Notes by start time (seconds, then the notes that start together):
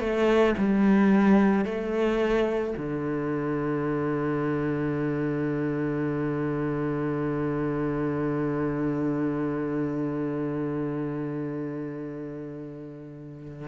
0.00 A3
0.58 G3
1.65 A3
2.77 D3